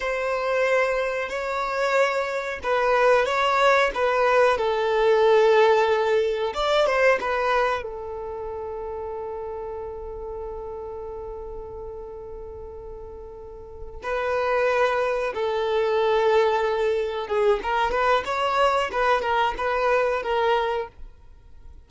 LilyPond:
\new Staff \with { instrumentName = "violin" } { \time 4/4 \tempo 4 = 92 c''2 cis''2 | b'4 cis''4 b'4 a'4~ | a'2 d''8 c''8 b'4 | a'1~ |
a'1~ | a'4. b'2 a'8~ | a'2~ a'8 gis'8 ais'8 b'8 | cis''4 b'8 ais'8 b'4 ais'4 | }